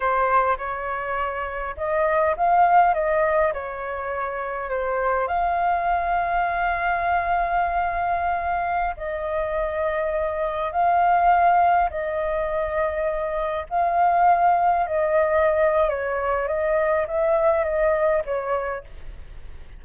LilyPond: \new Staff \with { instrumentName = "flute" } { \time 4/4 \tempo 4 = 102 c''4 cis''2 dis''4 | f''4 dis''4 cis''2 | c''4 f''2.~ | f''2.~ f''16 dis''8.~ |
dis''2~ dis''16 f''4.~ f''16~ | f''16 dis''2. f''8.~ | f''4~ f''16 dis''4.~ dis''16 cis''4 | dis''4 e''4 dis''4 cis''4 | }